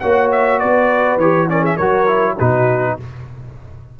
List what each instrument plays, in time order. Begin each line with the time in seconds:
0.00 tuba A#3, trombone F#4, horn C#5, trumpet F#5
0.32 trumpet E5
0.59 tuba B3, horn B4, trumpet D5
1.17 tuba E3, trombone G4, trumpet C#5
1.48 trombone C#4, horn A#4, trumpet D5
1.62 horn G#4, trumpet E5
1.76 tuba F#3, trombone F#4, horn A#4, trumpet C#5
2.07 trombone E4
2.34 tuba B2, horn F#4, trumpet B4
2.40 trombone D#4